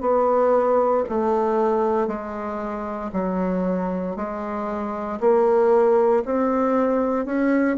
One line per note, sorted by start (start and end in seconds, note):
0.00 1.03 B3
1.09 2.07 A3
2.07 3.10 G#3
3.12 4.16 F#3
4.16 5.19 G#3
5.20 6.23 A#3
6.25 7.25 C4
7.25 7.77 C#4